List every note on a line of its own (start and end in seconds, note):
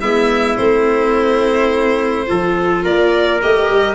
0.00 0.58 G#3
0.00 0.58 B3
0.00 2.27 E4
0.00 0.56 E5
0.56 2.28 A3
0.56 2.26 C4
0.56 2.83 C5
2.26 2.85 F3
2.26 3.40 F4
2.26 2.83 A4
2.83 3.41 A#3
2.83 3.95 A#4
2.83 3.41 D5
3.42 3.69 A3
3.42 3.95 G4
3.42 3.95 D#5
3.69 3.95 G3